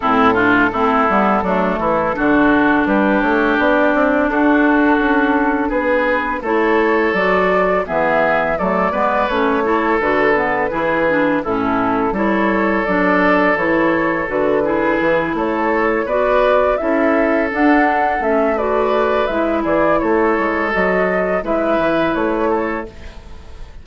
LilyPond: <<
  \new Staff \with { instrumentName = "flute" } { \time 4/4 \tempo 4 = 84 a'1 | b'8 cis''8 d''4 a'2 | b'4 cis''4 d''4 e''4 | d''4 cis''4 b'2 |
a'4 cis''4 d''4 cis''4 | b'4. cis''4 d''4 e''8~ | e''8 fis''4 e''8 d''4 e''8 d''8 | cis''4 dis''4 e''4 cis''4 | }
  \new Staff \with { instrumentName = "oboe" } { \time 4/4 e'8 f'8 e'4 d'8 e'8 fis'4 | g'2 fis'2 | gis'4 a'2 gis'4 | a'8 b'4 a'4. gis'4 |
e'4 a'2.~ | a'8 gis'4 a'4 b'4 a'8~ | a'2 b'4. gis'8 | a'2 b'4. a'8 | }
  \new Staff \with { instrumentName = "clarinet" } { \time 4/4 c'8 d'8 c'8 b8 a4 d'4~ | d'1~ | d'4 e'4 fis'4 b4 | a8 b8 cis'8 e'8 fis'8 b8 e'8 d'8 |
cis'4 e'4 d'4 e'4 | fis'8 e'2 fis'4 e'8~ | e'8 d'4 cis'8 fis'4 e'4~ | e'4 fis'4 e'2 | }
  \new Staff \with { instrumentName = "bassoon" } { \time 4/4 a,4 a8 g8 fis8 e8 d4 | g8 a8 b8 c'8 d'4 cis'4 | b4 a4 fis4 e4 | fis8 gis8 a4 d4 e4 |
a,4 g4 fis4 e4 | d4 e8 a4 b4 cis'8~ | cis'8 d'4 a4. gis8 e8 | a8 gis8 fis4 gis8 e8 a4 | }
>>